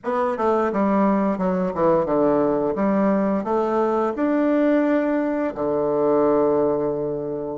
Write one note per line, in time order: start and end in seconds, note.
0.03 0.37 B3
0.37 0.71 A3
0.72 1.38 G3
1.38 1.72 F#3
1.74 2.05 E3
2.05 2.74 D3
2.75 3.44 G3
3.44 4.13 A3
4.16 5.54 D4
5.54 7.57 D3